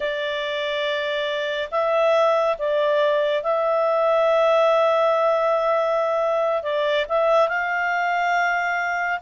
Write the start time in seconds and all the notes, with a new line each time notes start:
0.00 D5
1.71 E5
2.58 D5
3.43 E5
6.62 D5
7.09 E5
7.48 F5